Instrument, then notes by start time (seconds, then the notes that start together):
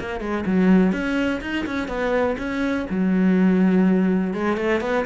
cello
0.00 A#3
0.20 G#3
0.46 F#3
0.92 C#4
1.41 D#4
1.67 C#4
1.88 B3
2.38 C#4
2.90 F#3
4.34 G#3
4.57 A3
4.81 B3